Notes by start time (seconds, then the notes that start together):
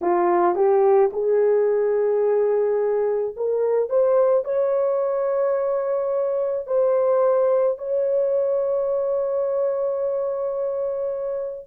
0.01 F4
0.55 G4
1.12 G#4
3.36 A#4
3.89 C5
4.44 C#5
6.67 C5
7.78 C#5